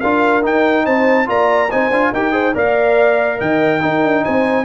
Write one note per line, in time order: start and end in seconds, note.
0.00 0.44 D4
0.00 0.42 F4
0.00 0.84 A#4
0.00 0.42 F5
0.42 1.26 D#4
0.42 0.86 D#4
0.42 0.86 G5
0.84 1.28 C4
0.84 1.27 C5
0.84 1.28 A5
1.26 1.71 A#3
1.26 1.68 F4
1.26 1.71 D5
1.26 1.71 A#5
1.70 1.90 C4
1.70 1.91 D#4
1.70 2.13 C5
1.70 2.13 G#5
1.90 2.11 D4
1.90 2.14 F4
2.12 2.55 D#4
2.12 2.31 G4
2.12 2.33 A#4
2.12 2.56 G5
2.31 2.53 G#4
2.31 2.54 C5
2.54 3.40 A#3
2.54 3.80 A#4
2.54 3.38 D5
2.54 3.40 F5
3.38 3.83 D#3
3.38 3.80 D#5
3.38 4.24 G5
3.80 4.65 D#4
3.80 4.03 D#4
3.80 4.24 A#4
4.03 4.24 D4
4.24 4.65 C4
4.24 4.65 C5
4.24 4.65 G#5